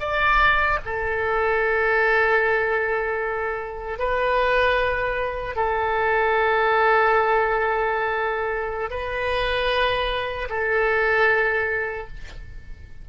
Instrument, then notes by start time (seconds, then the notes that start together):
oboe
0.00 D5
0.85 A4
3.99 B4
5.56 A4
8.90 B4
10.50 A4